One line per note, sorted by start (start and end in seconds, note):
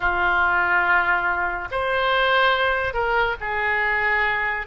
0.00 1.68 F4
1.71 2.93 C5
2.93 3.35 A#4
3.40 4.67 G#4